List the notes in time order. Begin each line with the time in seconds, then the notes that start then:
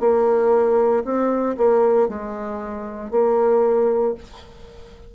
0.00 A#3
1.04 C4
1.57 A#3
2.08 G#3
3.11 A#3